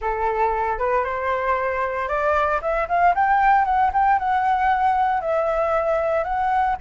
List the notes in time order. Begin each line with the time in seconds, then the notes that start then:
0.01 A4
0.78 B4
1.04 C5
2.08 D5
2.61 E5
2.88 F5
3.14 G5
3.65 F#5
3.93 G5
4.18 F#5
5.20 E5
6.23 F#5